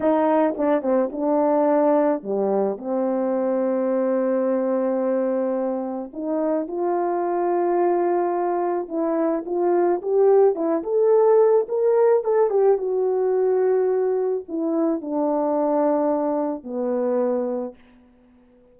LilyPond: \new Staff \with { instrumentName = "horn" } { \time 4/4 \tempo 4 = 108 dis'4 d'8 c'8 d'2 | g4 c'2.~ | c'2. dis'4 | f'1 |
e'4 f'4 g'4 e'8 a'8~ | a'4 ais'4 a'8 g'8 fis'4~ | fis'2 e'4 d'4~ | d'2 b2 | }